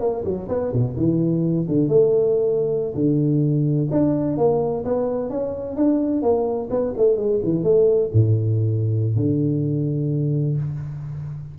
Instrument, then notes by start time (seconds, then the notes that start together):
tuba
0.00 A#3
0.24 F#3
0.48 B3
0.72 B2
0.96 E3
1.68 D3
1.88 A3
2.94 D3
3.91 D4
4.37 A#3
4.84 B3
5.29 C#4
5.76 D4
6.22 A#3
6.70 B3
6.97 A3
7.16 G#3
7.43 E3
7.63 A3
8.13 A2
9.16 D3